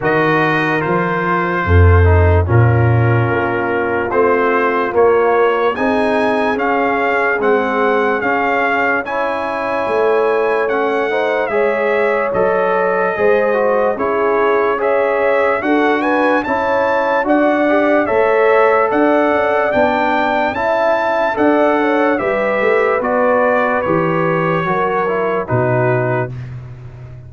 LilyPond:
<<
  \new Staff \with { instrumentName = "trumpet" } { \time 4/4 \tempo 4 = 73 dis''4 c''2 ais'4~ | ais'4 c''4 cis''4 gis''4 | f''4 fis''4 f''4 gis''4~ | gis''4 fis''4 e''4 dis''4~ |
dis''4 cis''4 e''4 fis''8 gis''8 | a''4 fis''4 e''4 fis''4 | g''4 a''4 fis''4 e''4 | d''4 cis''2 b'4 | }
  \new Staff \with { instrumentName = "horn" } { \time 4/4 ais'2 a'4 f'4~ | f'2. gis'4~ | gis'2. cis''4~ | cis''4. c''8 cis''2 |
c''4 gis'4 cis''4 a'8 b'8 | cis''4 d''4 cis''4 d''4~ | d''4 e''4 d''8 cis''8 b'4~ | b'2 ais'4 fis'4 | }
  \new Staff \with { instrumentName = "trombone" } { \time 4/4 fis'4 f'4. dis'8 cis'4~ | cis'4 c'4 ais4 dis'4 | cis'4 c'4 cis'4 e'4~ | e'4 cis'8 dis'8 gis'4 a'4 |
gis'8 fis'8 e'4 gis'4 fis'4 | e'4 fis'8 g'8 a'2 | d'4 e'4 a'4 g'4 | fis'4 g'4 fis'8 e'8 dis'4 | }
  \new Staff \with { instrumentName = "tuba" } { \time 4/4 dis4 f4 f,4 ais,4 | ais4 a4 ais4 c'4 | cis'4 gis4 cis'2 | a2 gis4 fis4 |
gis4 cis'2 d'4 | cis'4 d'4 a4 d'8 cis'8 | b4 cis'4 d'4 g8 a8 | b4 e4 fis4 b,4 | }
>>